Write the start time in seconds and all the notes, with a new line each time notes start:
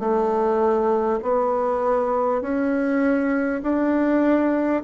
0.00 A3
1.23 B3
2.42 C#4
3.63 D4